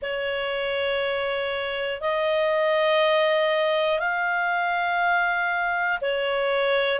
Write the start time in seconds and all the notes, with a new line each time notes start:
0.02 C#5
2.00 D#5
3.99 F5
6.00 C#5